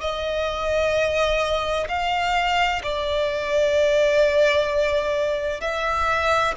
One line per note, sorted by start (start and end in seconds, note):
0.00 1.87 D#5
1.88 2.82 F5
2.83 5.60 D5
5.60 6.54 E5